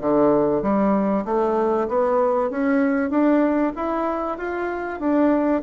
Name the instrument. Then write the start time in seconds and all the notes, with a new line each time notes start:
bassoon
0.00 D3
0.62 G3
1.25 A3
1.88 B3
2.50 C#4
3.10 D4
3.76 E4
4.38 F4
4.99 D4